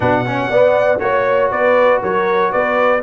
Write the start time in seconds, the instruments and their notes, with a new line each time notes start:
0.00 tuba B2, trombone D4, horn B4, trumpet F#5
0.26 trombone C#4, horn C#5
0.49 tuba B3, trombone B3, horn D5
0.99 tuba A#3, trombone F#4, trumpet C#5, horn C#5
1.51 tuba B3, horn B4, trumpet D5
2.01 tuba F#3, horn A#4, trumpet C#5
2.51 tuba B3, horn B4, trumpet D5